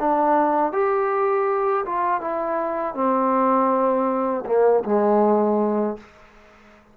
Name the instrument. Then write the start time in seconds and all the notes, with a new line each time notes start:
trombone
0.00 D4
0.73 G4
1.86 F4
2.22 E4
2.95 C4
4.47 A#3
4.85 G#3